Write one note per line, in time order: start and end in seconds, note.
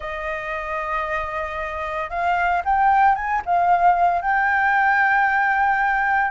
0.00 2.10 D#5
2.10 2.62 F5
2.65 3.15 G5
3.15 3.41 G#5
3.45 4.21 F5
4.21 6.31 G5